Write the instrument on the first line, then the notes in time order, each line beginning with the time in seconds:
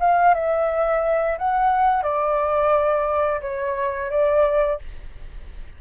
flute
0.00 F5
0.34 E5
1.39 F#5
2.03 D5
3.41 C#5
4.10 D5